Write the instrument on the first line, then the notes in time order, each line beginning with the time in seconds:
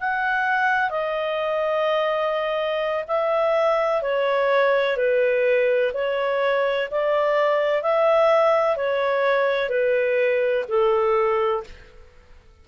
clarinet
0.00 F#5
0.90 D#5
3.08 E5
4.02 C#5
4.97 B4
5.94 C#5
6.91 D5
7.83 E5
8.76 C#5
9.69 B4
10.68 A4